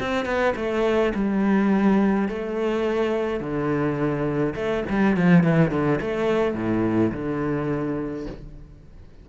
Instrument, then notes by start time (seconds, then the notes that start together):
cello
0.00 C4
0.25 B3
0.56 A3
1.15 G3
2.29 A3
3.41 D3
4.56 A3
4.90 G3
5.17 F3
5.44 E3
5.71 D3
6.01 A3
6.55 A2
7.12 D3